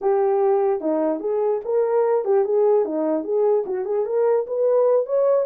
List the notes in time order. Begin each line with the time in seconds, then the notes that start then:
0.01 G4
0.81 D#4
1.20 G#4
1.65 A#4
2.24 G4
2.44 G#4
2.85 D#4
3.24 G#4
3.65 F#4
3.85 G#4
4.05 A#4
4.46 B4
5.06 C#5